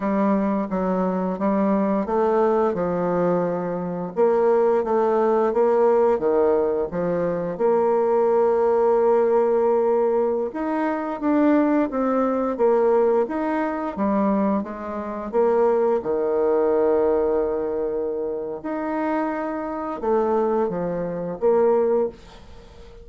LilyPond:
\new Staff \with { instrumentName = "bassoon" } { \time 4/4 \tempo 4 = 87 g4 fis4 g4 a4 | f2 ais4 a4 | ais4 dis4 f4 ais4~ | ais2.~ ais16 dis'8.~ |
dis'16 d'4 c'4 ais4 dis'8.~ | dis'16 g4 gis4 ais4 dis8.~ | dis2. dis'4~ | dis'4 a4 f4 ais4 | }